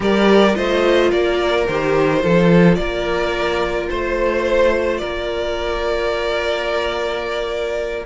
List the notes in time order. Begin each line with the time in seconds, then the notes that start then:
0.00 G3 G4 A#4 D5
0.54 A3 F4 C5 D#5
1.11 A#3 A#4 D5
1.66 D#3 G4 C5
2.20 F3 F4 A4
2.74 A#3 A#4 D5
3.89 A3 C5
4.97 A#3 A#4 D5